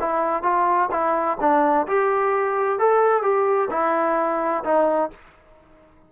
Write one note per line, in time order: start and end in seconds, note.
0.00 0.43 E4
0.43 0.89 F4
0.91 1.38 E4
1.40 1.87 D4
1.87 2.79 G4
2.79 3.22 A4
3.22 3.69 G4
3.70 4.63 E4
4.64 5.11 D#4